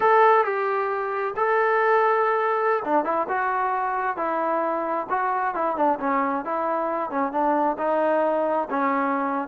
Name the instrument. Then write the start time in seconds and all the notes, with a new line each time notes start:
trombone
0.00 A4
0.44 G4
1.36 A4
2.84 D4
3.05 E4
3.28 F#4
4.16 E4
5.09 F#4
5.54 E4
5.76 D4
5.99 C#4
6.44 E4
7.10 C#4
7.31 D4
7.78 D#4
8.69 C#4